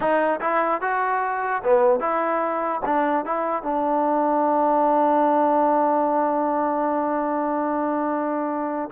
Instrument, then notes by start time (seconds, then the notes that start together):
trombone
0.00 D#4
0.40 E4
0.81 F#4
1.63 B3
2.00 E4
2.85 D4
3.25 E4
3.62 D4